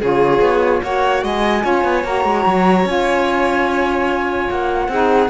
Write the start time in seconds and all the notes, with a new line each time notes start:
0.00 C#3 F4 G#4 C#5
0.40 B3
0.83 A#3 F#4 C#5 F#5
1.23 G#3 D#5 G#5
1.62 C#4 F4 C#5
1.84 B3
2.04 A#3 F#4 A#5
2.25 G#3
2.45 F#3
2.85 C#4 F4 G#5
4.50 A#3 F#5
4.88 C4 D#4 G#4